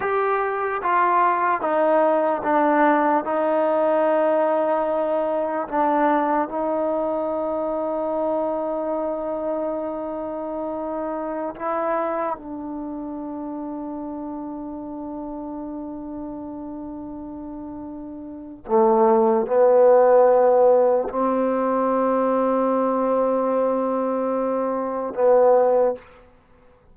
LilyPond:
\new Staff \with { instrumentName = "trombone" } { \time 4/4 \tempo 4 = 74 g'4 f'4 dis'4 d'4 | dis'2. d'4 | dis'1~ | dis'2~ dis'16 e'4 d'8.~ |
d'1~ | d'2. a4 | b2 c'2~ | c'2. b4 | }